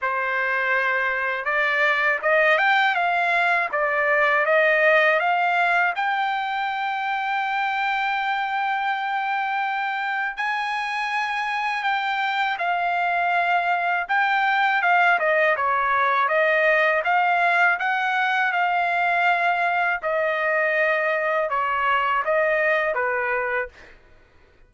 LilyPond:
\new Staff \with { instrumentName = "trumpet" } { \time 4/4 \tempo 4 = 81 c''2 d''4 dis''8 g''8 | f''4 d''4 dis''4 f''4 | g''1~ | g''2 gis''2 |
g''4 f''2 g''4 | f''8 dis''8 cis''4 dis''4 f''4 | fis''4 f''2 dis''4~ | dis''4 cis''4 dis''4 b'4 | }